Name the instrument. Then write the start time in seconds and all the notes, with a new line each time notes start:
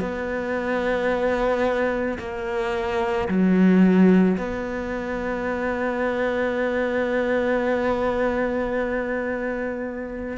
cello
0.00 B3
2.19 A#3
3.28 F#3
4.38 B3